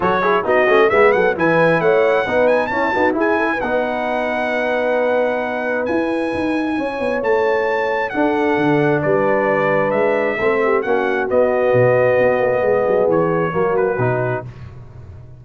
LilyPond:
<<
  \new Staff \with { instrumentName = "trumpet" } { \time 4/4 \tempo 4 = 133 cis''4 dis''4 e''8 fis''8 gis''4 | fis''4. gis''8 a''4 gis''4 | fis''1~ | fis''4 gis''2. |
a''2 fis''2 | d''2 e''2 | fis''4 dis''2.~ | dis''4 cis''4. b'4. | }
  \new Staff \with { instrumentName = "horn" } { \time 4/4 a'8 gis'8 fis'4 gis'8 a'8 b'4 | cis''4 b'4 e'8 fis'8 gis'8 a'16 b'16~ | b'1~ | b'2. cis''4~ |
cis''2 a'2 | b'2. a'8 g'8 | fis'1 | gis'2 fis'2 | }
  \new Staff \with { instrumentName = "trombone" } { \time 4/4 fis'8 e'8 dis'8 cis'8 b4 e'4~ | e'4 dis'4 cis'8 b8 e'4 | dis'1~ | dis'4 e'2.~ |
e'2 d'2~ | d'2. c'4 | cis'4 b2.~ | b2 ais4 dis'4 | }
  \new Staff \with { instrumentName = "tuba" } { \time 4/4 fis4 b8 a8 gis8 fis8 e4 | a4 b4 cis'8 dis'8 e'4 | b1~ | b4 e'4 dis'4 cis'8 b8 |
a2 d'4 d4 | g2 gis4 a4 | ais4 b4 b,4 b8 ais8 | gis8 fis8 e4 fis4 b,4 | }
>>